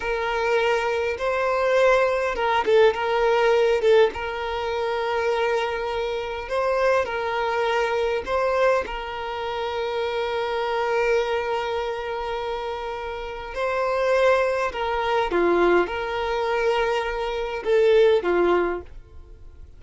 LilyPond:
\new Staff \with { instrumentName = "violin" } { \time 4/4 \tempo 4 = 102 ais'2 c''2 | ais'8 a'8 ais'4. a'8 ais'4~ | ais'2. c''4 | ais'2 c''4 ais'4~ |
ais'1~ | ais'2. c''4~ | c''4 ais'4 f'4 ais'4~ | ais'2 a'4 f'4 | }